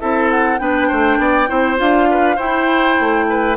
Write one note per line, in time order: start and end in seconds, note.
0.00 0.60 C4
0.00 0.59 E4
0.00 0.60 A4
0.00 0.30 E5
0.30 0.59 F#5
0.59 0.89 B3
0.59 1.47 D4
0.59 0.88 B4
0.59 1.77 G5
0.88 1.18 A3
0.88 1.18 C5
1.18 1.48 B3
1.18 1.49 D5
1.47 1.80 C4
1.47 1.77 E4
1.47 2.08 C5
1.77 2.38 D4
1.77 2.36 F4
1.77 2.39 F5
2.11 2.36 B4
2.36 3.56 E4
2.36 2.97 E4
2.36 3.25 C5
2.36 3.57 G5
3.00 3.57 A3
3.29 3.57 B4